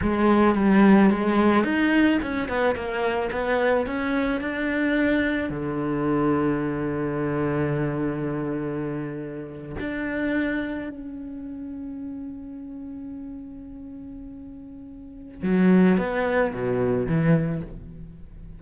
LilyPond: \new Staff \with { instrumentName = "cello" } { \time 4/4 \tempo 4 = 109 gis4 g4 gis4 dis'4 | cis'8 b8 ais4 b4 cis'4 | d'2 d2~ | d1~ |
d4.~ d16 d'2 cis'16~ | cis'1~ | cis'1 | fis4 b4 b,4 e4 | }